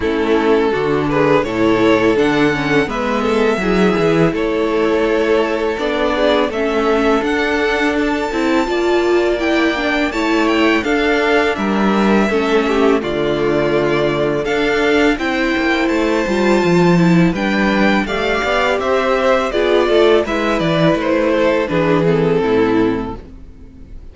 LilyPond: <<
  \new Staff \with { instrumentName = "violin" } { \time 4/4 \tempo 4 = 83 a'4. b'8 cis''4 fis''4 | e''2 cis''2 | d''4 e''4 fis''4 a''4~ | a''4 g''4 a''8 g''8 f''4 |
e''2 d''2 | f''4 g''4 a''2 | g''4 f''4 e''4 d''4 | e''8 d''8 c''4 b'8 a'4. | }
  \new Staff \with { instrumentName = "violin" } { \time 4/4 e'4 fis'8 gis'8 a'2 | b'8 a'8 gis'4 a'2~ | a'8 gis'8 a'2. | d''2 cis''4 a'4 |
ais'4 a'8 g'8 f'2 | a'4 c''2. | b'4 d''4 c''4 gis'8 a'8 | b'4. a'8 gis'4 e'4 | }
  \new Staff \with { instrumentName = "viola" } { \time 4/4 cis'4 d'4 e'4 d'8 cis'8 | b4 e'2. | d'4 cis'4 d'4. e'8 | f'4 e'8 d'8 e'4 d'4~ |
d'4 cis'4 a2 | d'4 e'4. f'4 e'8 | d'4 g'2 f'4 | e'2 d'8 c'4. | }
  \new Staff \with { instrumentName = "cello" } { \time 4/4 a4 d4 a,4 d4 | gis4 fis8 e8 a2 | b4 a4 d'4. c'8 | ais2 a4 d'4 |
g4 a4 d2 | d'4 c'8 ais8 a8 g8 f4 | g4 a8 b8 c'4 b8 a8 | gis8 e8 a4 e4 a,4 | }
>>